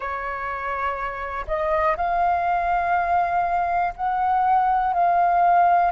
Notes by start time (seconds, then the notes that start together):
0.00 C#5
1.47 D#5
1.96 F5
3.96 F#5
4.93 F5